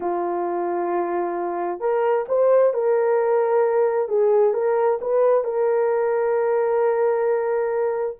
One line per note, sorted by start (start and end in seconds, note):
0.00 1.80 F4
1.80 2.25 A#4
2.28 2.73 C5
2.73 4.08 A#4
4.08 4.53 G#4
4.53 4.99 A#4
5.01 5.44 B4
5.44 8.16 A#4